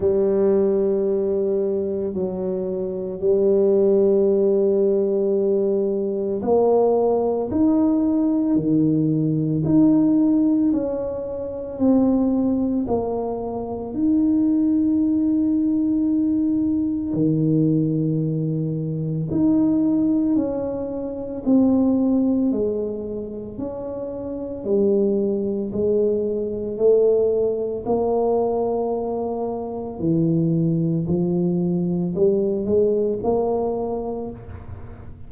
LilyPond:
\new Staff \with { instrumentName = "tuba" } { \time 4/4 \tempo 4 = 56 g2 fis4 g4~ | g2 ais4 dis'4 | dis4 dis'4 cis'4 c'4 | ais4 dis'2. |
dis2 dis'4 cis'4 | c'4 gis4 cis'4 g4 | gis4 a4 ais2 | e4 f4 g8 gis8 ais4 | }